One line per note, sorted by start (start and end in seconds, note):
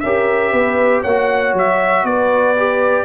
0.00 0.53 C#4
0.00 1.07 G4
0.00 0.52 A#4
0.00 1.02 E5
0.52 1.04 B3
0.52 1.02 B4
1.02 1.54 A#3
1.02 2.03 C#5
1.02 1.54 F#5
1.08 2.57 F#4
1.54 2.04 F#3
1.54 2.06 E5
2.04 3.06 B3
2.04 3.06 B4
2.04 3.06 D5
2.57 3.06 G4